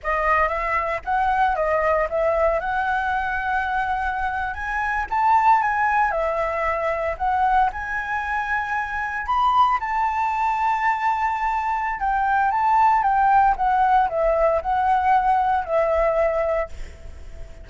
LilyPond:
\new Staff \with { instrumentName = "flute" } { \time 4/4 \tempo 4 = 115 dis''4 e''4 fis''4 dis''4 | e''4 fis''2.~ | fis''8. gis''4 a''4 gis''4 e''16~ | e''4.~ e''16 fis''4 gis''4~ gis''16~ |
gis''4.~ gis''16 b''4 a''4~ a''16~ | a''2. g''4 | a''4 g''4 fis''4 e''4 | fis''2 e''2 | }